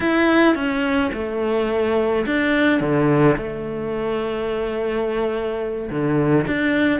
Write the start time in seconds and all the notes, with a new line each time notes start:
0.00 E4
0.55 C#4
1.13 A3
2.26 D4
2.80 D3
3.37 A3
5.90 D3
6.47 D4